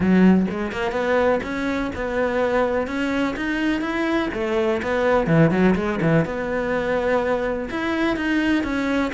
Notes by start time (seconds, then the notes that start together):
0.00 F#3
0.50 G#3
0.72 A#3
0.91 B3
1.43 C#4
1.95 B3
2.87 C#4
3.36 D#4
3.81 E4
4.33 A3
4.82 B3
5.26 E3
5.50 F#3
5.75 G#3
6.01 E3
6.25 B3
7.70 E4
8.16 D#4
8.63 C#4